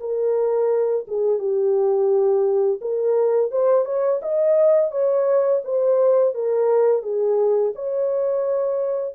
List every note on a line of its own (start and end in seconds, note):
0.00 1.06 A#4
1.07 1.39 G#4
1.39 2.80 G4
2.81 3.51 A#4
3.51 3.85 C5
3.85 4.20 C#5
4.22 4.91 D#5
4.91 5.62 C#5
5.64 6.34 C5
6.34 7.02 A#4
7.02 7.73 G#4
7.75 9.14 C#5